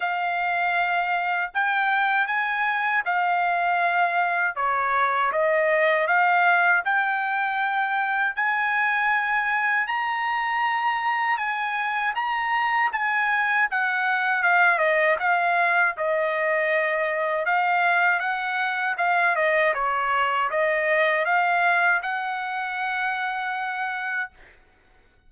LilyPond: \new Staff \with { instrumentName = "trumpet" } { \time 4/4 \tempo 4 = 79 f''2 g''4 gis''4 | f''2 cis''4 dis''4 | f''4 g''2 gis''4~ | gis''4 ais''2 gis''4 |
ais''4 gis''4 fis''4 f''8 dis''8 | f''4 dis''2 f''4 | fis''4 f''8 dis''8 cis''4 dis''4 | f''4 fis''2. | }